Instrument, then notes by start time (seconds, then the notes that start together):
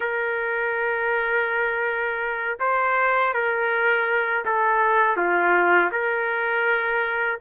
trumpet
0.00 A#4
2.59 C5
3.33 A#4
4.45 A4
5.16 F4
5.91 A#4